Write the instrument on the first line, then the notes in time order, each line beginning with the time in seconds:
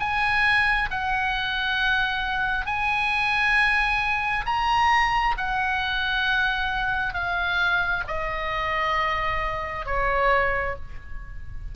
oboe
0.00 G#5
0.91 F#5
2.66 G#5
4.46 A#5
5.38 F#5
7.14 F5
8.08 D#5
9.86 C#5